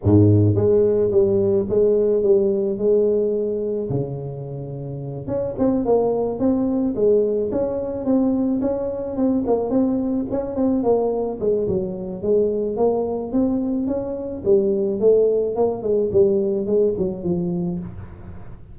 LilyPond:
\new Staff \with { instrumentName = "tuba" } { \time 4/4 \tempo 4 = 108 gis,4 gis4 g4 gis4 | g4 gis2 cis4~ | cis4. cis'8 c'8 ais4 c'8~ | c'8 gis4 cis'4 c'4 cis'8~ |
cis'8 c'8 ais8 c'4 cis'8 c'8 ais8~ | ais8 gis8 fis4 gis4 ais4 | c'4 cis'4 g4 a4 | ais8 gis8 g4 gis8 fis8 f4 | }